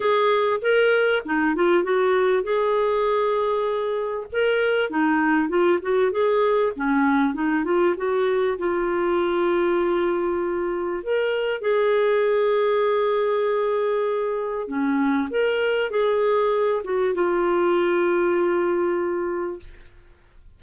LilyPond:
\new Staff \with { instrumentName = "clarinet" } { \time 4/4 \tempo 4 = 98 gis'4 ais'4 dis'8 f'8 fis'4 | gis'2. ais'4 | dis'4 f'8 fis'8 gis'4 cis'4 | dis'8 f'8 fis'4 f'2~ |
f'2 ais'4 gis'4~ | gis'1 | cis'4 ais'4 gis'4. fis'8 | f'1 | }